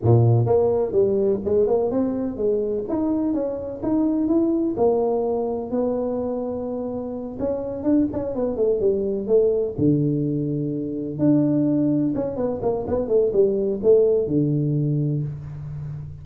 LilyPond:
\new Staff \with { instrumentName = "tuba" } { \time 4/4 \tempo 4 = 126 ais,4 ais4 g4 gis8 ais8 | c'4 gis4 dis'4 cis'4 | dis'4 e'4 ais2 | b2.~ b8 cis'8~ |
cis'8 d'8 cis'8 b8 a8 g4 a8~ | a8 d2. d'8~ | d'4. cis'8 b8 ais8 b8 a8 | g4 a4 d2 | }